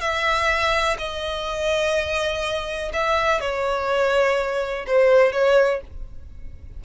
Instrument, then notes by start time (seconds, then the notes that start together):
violin
0.00 E5
0.98 D#5
2.93 E5
3.40 C#5
4.87 C5
5.32 C#5